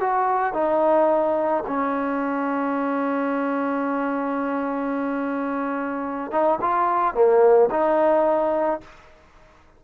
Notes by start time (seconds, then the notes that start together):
0.00 F#4
0.54 D#4
1.67 C#4
6.31 D#4
6.61 F4
7.14 A#3
7.70 D#4